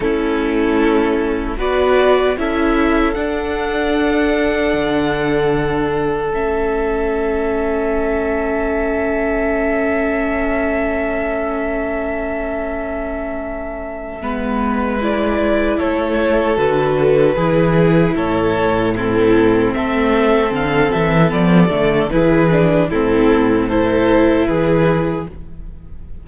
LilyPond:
<<
  \new Staff \with { instrumentName = "violin" } { \time 4/4 \tempo 4 = 76 a'2 d''4 e''4 | fis''1 | e''1~ | e''1~ |
e''2. d''4 | cis''4 b'2 cis''4 | a'4 e''4 f''8 e''8 d''4 | b'4 a'4 c''4 b'4 | }
  \new Staff \with { instrumentName = "violin" } { \time 4/4 e'2 b'4 a'4~ | a'1~ | a'1~ | a'1~ |
a'2 b'2 | a'2 gis'4 a'4 | e'4 a'2. | gis'4 e'4 a'4 gis'4 | }
  \new Staff \with { instrumentName = "viola" } { \time 4/4 cis'2 fis'4 e'4 | d'1 | cis'1~ | cis'1~ |
cis'2 b4 e'4~ | e'4 fis'4 e'2 | c'2. b8 a8 | e'8 d'8 c'4 e'2 | }
  \new Staff \with { instrumentName = "cello" } { \time 4/4 a2 b4 cis'4 | d'2 d2 | a1~ | a1~ |
a2 gis2 | a4 d4 e4 a,4~ | a,4 a4 d8 e8 f8 d8 | e4 a,2 e4 | }
>>